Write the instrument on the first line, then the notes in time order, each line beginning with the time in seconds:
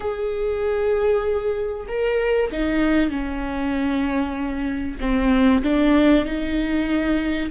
viola
0.00 G#4
1.88 A#4
2.51 D#4
3.09 C#4
5.00 C4
5.63 D4
6.25 D#4